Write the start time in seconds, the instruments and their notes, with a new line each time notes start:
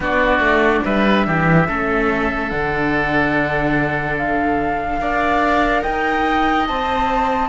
0.00 cello B3, viola D4, oboe F#4, flute D5
0.39 cello A3
0.84 cello G3, oboe B4, flute E5
1.26 cello E3, oboe G4
1.67 cello A3, viola C#4, oboe A4
2.49 cello D3, viola D4, flute F#5
4.17 flute F5
4.99 cello D4, viola A#4, oboe D5
5.82 cello D#4, oboe D#5, flute G5
6.66 cello C4, viola C5, flute A5